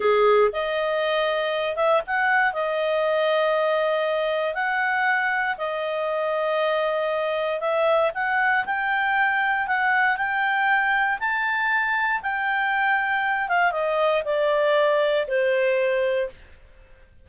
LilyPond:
\new Staff \with { instrumentName = "clarinet" } { \time 4/4 \tempo 4 = 118 gis'4 dis''2~ dis''8 e''8 | fis''4 dis''2.~ | dis''4 fis''2 dis''4~ | dis''2. e''4 |
fis''4 g''2 fis''4 | g''2 a''2 | g''2~ g''8 f''8 dis''4 | d''2 c''2 | }